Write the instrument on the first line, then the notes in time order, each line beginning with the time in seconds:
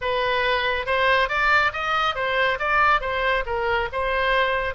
oboe
0.01 B4
0.86 C5
1.28 D5
1.72 D#5
2.15 C5
2.59 D5
3.01 C5
3.45 A#4
3.92 C5